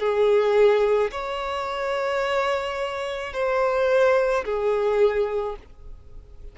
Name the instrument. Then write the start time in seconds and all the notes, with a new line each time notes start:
violin
0.00 G#4
1.11 C#5
3.33 C5
4.45 G#4